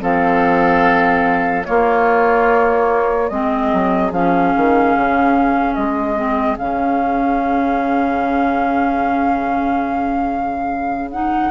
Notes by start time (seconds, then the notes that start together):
0.00 F3 C4 A4 F5
1.65 A#3 F4 C#5
3.29 G#3 C4 G#4 D#5
3.73 F#3
4.12 F3 C#4 F5
4.57 D#3
4.96 C#3
5.75 G#3 D#5
6.16 C4
6.58 C#3 C#4 F5
11.11 D#4 F#5